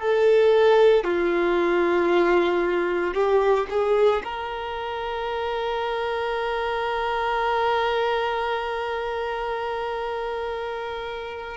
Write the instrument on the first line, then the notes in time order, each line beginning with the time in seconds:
violin
0.00 A4
1.04 F4
3.14 G4
3.69 G#4
4.23 A#4